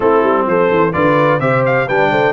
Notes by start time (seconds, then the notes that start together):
0.00 A3 C4 E4 A4
0.23 G3
0.46 F3 A4 C5
0.70 E3
0.92 D3 F4 B4 D5
1.39 C3 G4 C5 E5
1.65 F5
1.86 G3 D4 B4 G5
2.10 A3 C5